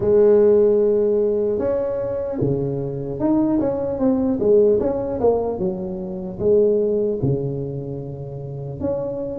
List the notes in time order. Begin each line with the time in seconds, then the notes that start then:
0.00 G#3
1.58 C#4
2.40 C#3
3.19 D#4
3.60 C#4
3.98 C4
4.39 G#3
4.80 C#4
5.20 A#3
5.59 F#3
6.39 G#3
7.22 C#3
8.80 C#4